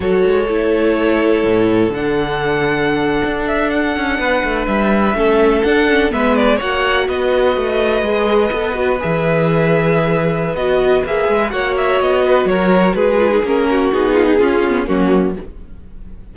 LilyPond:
<<
  \new Staff \with { instrumentName = "violin" } { \time 4/4 \tempo 4 = 125 cis''1 | fis''2.~ fis''16 e''8 fis''16~ | fis''4.~ fis''16 e''2 fis''16~ | fis''8. e''8 d''8 fis''4 dis''4~ dis''16~ |
dis''2~ dis''8. e''4~ e''16~ | e''2 dis''4 e''4 | fis''8 e''8 dis''4 cis''4 b'4 | ais'4 gis'2 fis'4 | }
  \new Staff \with { instrumentName = "violin" } { \time 4/4 a'1~ | a'1~ | a'8. b'2 a'4~ a'16~ | a'8. b'4 cis''4 b'4~ b'16~ |
b'1~ | b'1 | cis''4. b'8 ais'4 gis'4~ | gis'8 fis'4 f'16 dis'16 f'4 cis'4 | }
  \new Staff \with { instrumentName = "viola" } { \time 4/4 fis'4 e'2. | d'1~ | d'2~ d'8. cis'4 d'16~ | d'16 cis'8 b4 fis'2~ fis'16~ |
fis'8. gis'4 a'8 fis'8 gis'4~ gis'16~ | gis'2 fis'4 gis'4 | fis'2.~ fis'8 f'16 dis'16 | cis'4 dis'4 cis'8 b8 ais4 | }
  \new Staff \with { instrumentName = "cello" } { \time 4/4 fis8 gis8 a2 a,4 | d2~ d8. d'4~ d'16~ | d'16 cis'8 b8 a8 g4 a4 d'16~ | d'8. gis4 ais4 b4 a16~ |
a8. gis4 b4 e4~ e16~ | e2 b4 ais8 gis8 | ais4 b4 fis4 gis4 | ais4 b4 cis'4 fis4 | }
>>